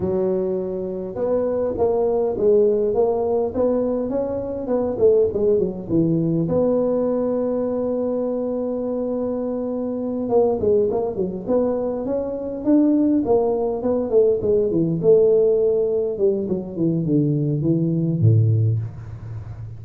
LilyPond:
\new Staff \with { instrumentName = "tuba" } { \time 4/4 \tempo 4 = 102 fis2 b4 ais4 | gis4 ais4 b4 cis'4 | b8 a8 gis8 fis8 e4 b4~ | b1~ |
b4. ais8 gis8 ais8 fis8 b8~ | b8 cis'4 d'4 ais4 b8 | a8 gis8 e8 a2 g8 | fis8 e8 d4 e4 a,4 | }